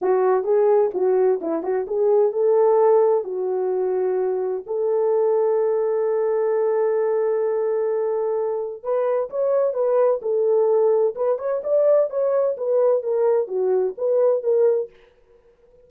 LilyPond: \new Staff \with { instrumentName = "horn" } { \time 4/4 \tempo 4 = 129 fis'4 gis'4 fis'4 e'8 fis'8 | gis'4 a'2 fis'4~ | fis'2 a'2~ | a'1~ |
a'2. b'4 | cis''4 b'4 a'2 | b'8 cis''8 d''4 cis''4 b'4 | ais'4 fis'4 b'4 ais'4 | }